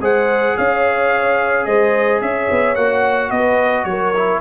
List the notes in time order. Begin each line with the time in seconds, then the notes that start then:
0.00 G#3 G#4 C5 F#5
0.57 C#4 C#5 F5
1.65 G#3 C5 D#5
2.21 C#4 C#5 E5
2.51 B3
2.75 A#3 F#4 F#5
3.31 B3 B4 D#5
3.85 F#3 A#4 C#5
4.16 E4